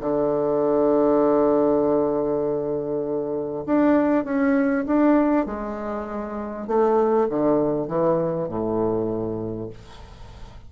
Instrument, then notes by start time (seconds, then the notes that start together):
bassoon
0.00 D3
3.66 D4
4.25 C#4
4.86 D4
5.46 G#3
6.67 A3
7.29 D3
7.88 E3
8.48 A2